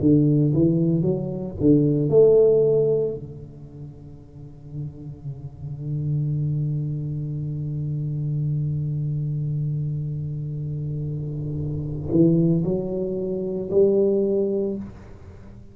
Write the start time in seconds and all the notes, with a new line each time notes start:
0.00 D3
0.53 E3
1.01 F#3
1.60 D3
2.09 A3
3.14 D3
12.11 E3
12.64 F#3
13.71 G3